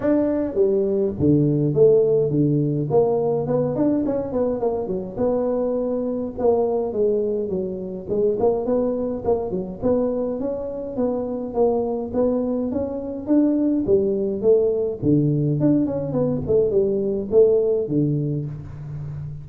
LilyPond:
\new Staff \with { instrumentName = "tuba" } { \time 4/4 \tempo 4 = 104 d'4 g4 d4 a4 | d4 ais4 b8 d'8 cis'8 b8 | ais8 fis8 b2 ais4 | gis4 fis4 gis8 ais8 b4 |
ais8 fis8 b4 cis'4 b4 | ais4 b4 cis'4 d'4 | g4 a4 d4 d'8 cis'8 | b8 a8 g4 a4 d4 | }